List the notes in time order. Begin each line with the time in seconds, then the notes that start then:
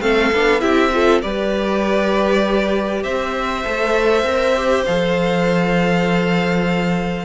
0.00 A3 C4 A4 F5
0.32 B3 D4
0.59 C4 E4 G4 E5
0.92 F4 A4
1.21 G3 G4 B4 D5
3.02 C4 C5 E5
3.64 A3 A4
4.22 C4 A#4
4.56 G4
4.84 F3 A4 F5